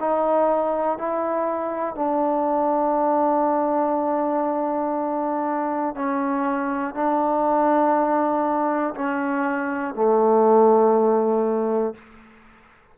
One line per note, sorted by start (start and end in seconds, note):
0.00 0.98 D#4
0.98 1.95 E4
1.95 5.95 D4
5.95 6.94 C#4
6.94 8.94 D4
8.95 9.95 C#4
9.95 11.95 A3